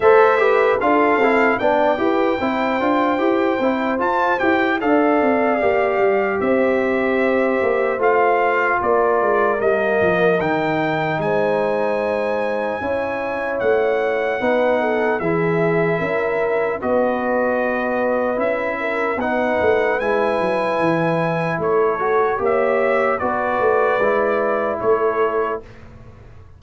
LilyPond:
<<
  \new Staff \with { instrumentName = "trumpet" } { \time 4/4 \tempo 4 = 75 e''4 f''4 g''2~ | g''4 a''8 g''8 f''2 | e''2 f''4 d''4 | dis''4 g''4 gis''2~ |
gis''4 fis''2 e''4~ | e''4 dis''2 e''4 | fis''4 gis''2 cis''4 | e''4 d''2 cis''4 | }
  \new Staff \with { instrumentName = "horn" } { \time 4/4 c''8 b'8 a'4 d''8 b'8 c''4~ | c''2 d''2 | c''2. ais'4~ | ais'2 c''2 |
cis''2 b'8 a'8 gis'4 | ais'4 b'2~ b'8 ais'8 | b'2. a'4 | cis''4 b'2 a'4 | }
  \new Staff \with { instrumentName = "trombone" } { \time 4/4 a'8 g'8 f'8 e'8 d'8 g'8 e'8 f'8 | g'8 e'8 f'8 g'8 a'4 g'4~ | g'2 f'2 | ais4 dis'2. |
e'2 dis'4 e'4~ | e'4 fis'2 e'4 | dis'4 e'2~ e'8 fis'8 | g'4 fis'4 e'2 | }
  \new Staff \with { instrumentName = "tuba" } { \time 4/4 a4 d'8 c'8 b8 e'8 c'8 d'8 | e'8 c'8 f'8 e'8 d'8 c'8 ais8 g8 | c'4. ais8 a4 ais8 gis8 | g8 f8 dis4 gis2 |
cis'4 a4 b4 e4 | cis'4 b2 cis'4 | b8 a8 gis8 fis8 e4 a4 | ais4 b8 a8 gis4 a4 | }
>>